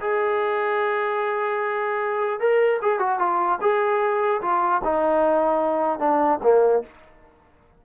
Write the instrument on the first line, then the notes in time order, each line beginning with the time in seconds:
trombone
0.00 G#4
2.40 A#4
2.82 G#4
2.99 F#4
3.19 F4
3.61 G#4
4.41 F4
4.84 D#4
5.99 D4
6.43 A#3